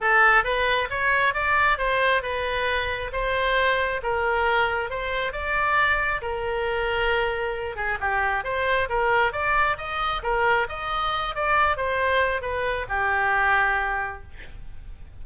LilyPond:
\new Staff \with { instrumentName = "oboe" } { \time 4/4 \tempo 4 = 135 a'4 b'4 cis''4 d''4 | c''4 b'2 c''4~ | c''4 ais'2 c''4 | d''2 ais'2~ |
ais'4. gis'8 g'4 c''4 | ais'4 d''4 dis''4 ais'4 | dis''4. d''4 c''4. | b'4 g'2. | }